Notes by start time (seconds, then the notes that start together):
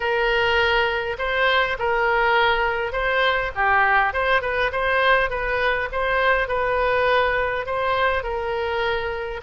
0.00 A#4
1.18 C5
1.79 A#4
2.92 C5
3.55 G4
4.13 C5
4.41 B4
4.71 C5
5.29 B4
5.91 C5
6.48 B4
7.66 C5
8.23 A#4